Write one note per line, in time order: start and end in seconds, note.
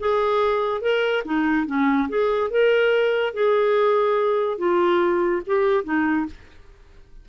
0.00 0.81 G#4
0.81 1.23 A#4
1.25 1.67 D#4
1.67 2.09 C#4
2.09 2.51 G#4
2.51 3.34 A#4
3.34 4.58 G#4
4.58 5.42 F4
5.47 5.85 G4
5.85 6.27 D#4